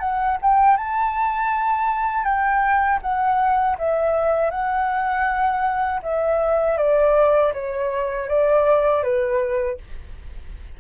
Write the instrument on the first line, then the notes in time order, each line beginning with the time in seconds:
flute
0.00 F#5
0.42 G5
0.77 A5
2.24 G5
3.02 F#5
3.78 E5
4.50 F#5
6.02 E5
6.77 D5
7.53 C#5
8.28 D5
9.03 B4